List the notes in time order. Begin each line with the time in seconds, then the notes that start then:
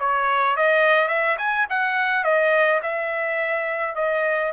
0.00 C#5
0.57 D#5
1.08 E5
1.38 G#5
1.70 F#5
2.24 D#5
2.83 E5
3.96 D#5